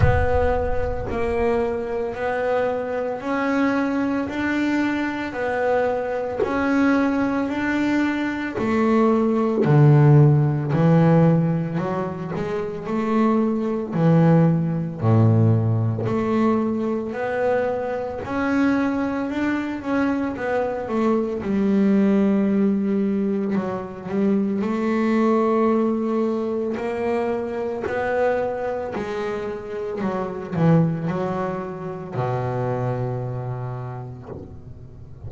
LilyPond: \new Staff \with { instrumentName = "double bass" } { \time 4/4 \tempo 4 = 56 b4 ais4 b4 cis'4 | d'4 b4 cis'4 d'4 | a4 d4 e4 fis8 gis8 | a4 e4 a,4 a4 |
b4 cis'4 d'8 cis'8 b8 a8 | g2 fis8 g8 a4~ | a4 ais4 b4 gis4 | fis8 e8 fis4 b,2 | }